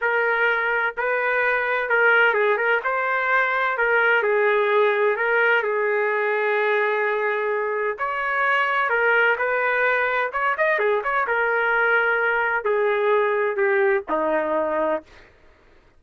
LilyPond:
\new Staff \with { instrumentName = "trumpet" } { \time 4/4 \tempo 4 = 128 ais'2 b'2 | ais'4 gis'8 ais'8 c''2 | ais'4 gis'2 ais'4 | gis'1~ |
gis'4 cis''2 ais'4 | b'2 cis''8 dis''8 gis'8 cis''8 | ais'2. gis'4~ | gis'4 g'4 dis'2 | }